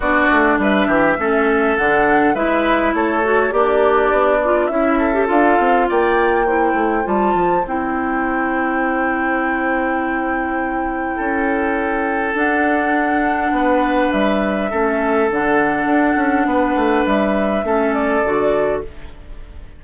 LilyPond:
<<
  \new Staff \with { instrumentName = "flute" } { \time 4/4 \tempo 4 = 102 d''4 e''2 fis''4 | e''4 cis''4 d''2 | e''4 f''4 g''2 | a''4 g''2.~ |
g''1~ | g''4 fis''2. | e''2 fis''2~ | fis''4 e''4. d''4. | }
  \new Staff \with { instrumentName = "oboe" } { \time 4/4 fis'4 b'8 g'8 a'2 | b'4 a'4 d'2 | e'8 a'4. d''4 c''4~ | c''1~ |
c''2. a'4~ | a'2. b'4~ | b'4 a'2. | b'2 a'2 | }
  \new Staff \with { instrumentName = "clarinet" } { \time 4/4 d'2 cis'4 d'4 | e'4. fis'8 g'4. f'8 | e'8. g'16 f'2 e'4 | f'4 e'2.~ |
e'1~ | e'4 d'2.~ | d'4 cis'4 d'2~ | d'2 cis'4 fis'4 | }
  \new Staff \with { instrumentName = "bassoon" } { \time 4/4 b8 a8 g8 e8 a4 d4 | gis4 a4 ais4 b4 | cis'4 d'8 c'8 ais4. a8 | g8 f8 c'2.~ |
c'2. cis'4~ | cis'4 d'2 b4 | g4 a4 d4 d'8 cis'8 | b8 a8 g4 a4 d4 | }
>>